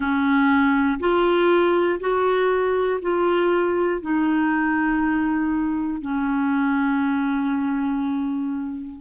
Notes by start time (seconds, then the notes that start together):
0.00 C#4
1.00 F4
2.00 F#4
3.01 F4
4.01 D#4
6.01 C#4